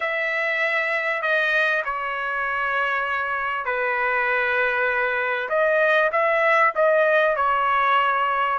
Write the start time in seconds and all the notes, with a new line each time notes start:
0.00 E5
1.22 D#5
1.85 C#5
3.65 B4
5.49 D#5
6.12 E5
6.75 D#5
7.36 C#5